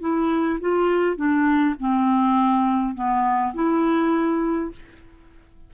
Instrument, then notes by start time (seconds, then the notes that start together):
clarinet
0.00 E4
0.60 F4
1.16 D4
1.79 C4
2.94 B3
3.54 E4